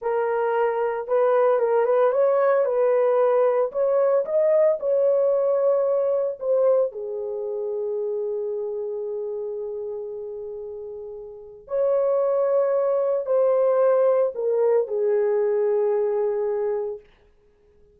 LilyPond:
\new Staff \with { instrumentName = "horn" } { \time 4/4 \tempo 4 = 113 ais'2 b'4 ais'8 b'8 | cis''4 b'2 cis''4 | dis''4 cis''2. | c''4 gis'2.~ |
gis'1~ | gis'2 cis''2~ | cis''4 c''2 ais'4 | gis'1 | }